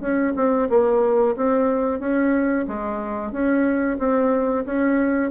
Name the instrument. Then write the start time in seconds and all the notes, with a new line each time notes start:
bassoon
0.00 C#4
0.36 C4
0.69 A#3
1.36 C4
1.99 C#4
2.67 G#3
3.31 C#4
3.99 C4
4.65 C#4